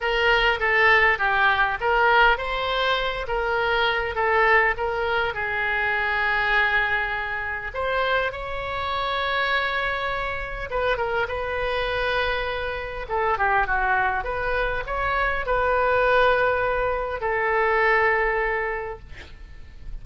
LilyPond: \new Staff \with { instrumentName = "oboe" } { \time 4/4 \tempo 4 = 101 ais'4 a'4 g'4 ais'4 | c''4. ais'4. a'4 | ais'4 gis'2.~ | gis'4 c''4 cis''2~ |
cis''2 b'8 ais'8 b'4~ | b'2 a'8 g'8 fis'4 | b'4 cis''4 b'2~ | b'4 a'2. | }